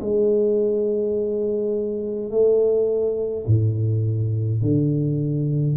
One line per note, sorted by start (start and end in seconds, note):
0.00 2.30 G#3
2.30 3.46 A3
3.47 4.62 A2
4.62 5.76 D3